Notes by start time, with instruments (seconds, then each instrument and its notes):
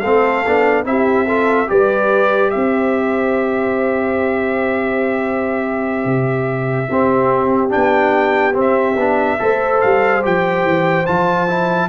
0.00 tuba A3, trombone C4, horn A4, trumpet F5
0.45 tuba B3, trombone D4
0.85 tuba C4, trombone E4, horn G4, trumpet E5
1.27 trombone F4, horn A4
1.66 tuba G3, trombone G4, horn B4, trumpet D5
2.50 tuba C4, horn C5, trumpet E5
6.05 tuba C3
6.89 tuba C4, trombone C4, horn G4
7.69 trombone D4, trumpet G5
7.75 tuba B3
8.54 trombone C4, tuba C4
8.60 trumpet E5
8.96 tuba B3, trombone D4
9.39 tuba A3, trombone A4, horn C5
9.81 tuba G3, trumpet F5
10.22 tuba F3, trombone G4, trumpet G5
10.63 tuba E3
11.06 tuba F3, trombone F4, trumpet A5
11.48 trombone E4